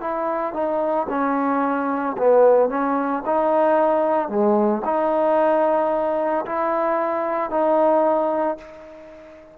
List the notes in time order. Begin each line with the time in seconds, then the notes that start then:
0.00 E4
0.53 D#4
1.09 C#4
2.17 B3
2.69 C#4
3.25 D#4
4.28 G#3
4.84 D#4
6.45 E4
7.50 D#4